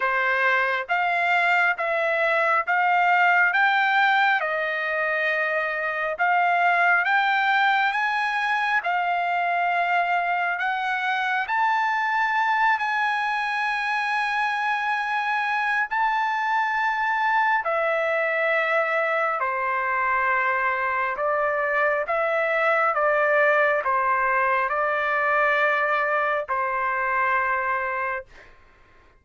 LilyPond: \new Staff \with { instrumentName = "trumpet" } { \time 4/4 \tempo 4 = 68 c''4 f''4 e''4 f''4 | g''4 dis''2 f''4 | g''4 gis''4 f''2 | fis''4 a''4. gis''4.~ |
gis''2 a''2 | e''2 c''2 | d''4 e''4 d''4 c''4 | d''2 c''2 | }